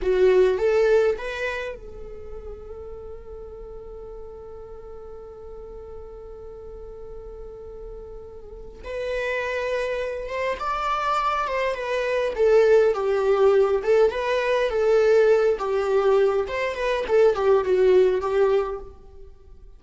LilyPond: \new Staff \with { instrumentName = "viola" } { \time 4/4 \tempo 4 = 102 fis'4 a'4 b'4 a'4~ | a'1~ | a'1~ | a'2. b'4~ |
b'4. c''8 d''4. c''8 | b'4 a'4 g'4. a'8 | b'4 a'4. g'4. | c''8 b'8 a'8 g'8 fis'4 g'4 | }